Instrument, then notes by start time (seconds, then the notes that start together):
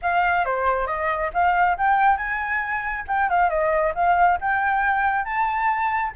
flute
0.02 F5
0.45 C5
0.87 D#5
1.33 F5
1.77 G5
2.17 G#5
3.07 G5
3.29 F5
3.49 D#5
3.95 F5
4.41 G5
5.24 A5